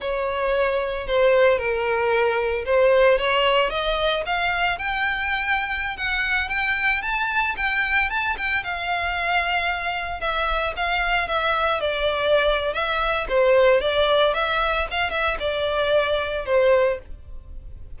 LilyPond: \new Staff \with { instrumentName = "violin" } { \time 4/4 \tempo 4 = 113 cis''2 c''4 ais'4~ | ais'4 c''4 cis''4 dis''4 | f''4 g''2~ g''16 fis''8.~ | fis''16 g''4 a''4 g''4 a''8 g''16~ |
g''16 f''2. e''8.~ | e''16 f''4 e''4 d''4.~ d''16 | e''4 c''4 d''4 e''4 | f''8 e''8 d''2 c''4 | }